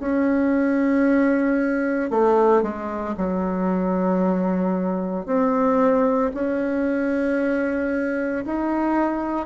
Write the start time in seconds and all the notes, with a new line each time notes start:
0.00 C#4
2.11 A3
2.63 G#3
3.17 F#3
5.26 C4
6.34 C#4
8.45 D#4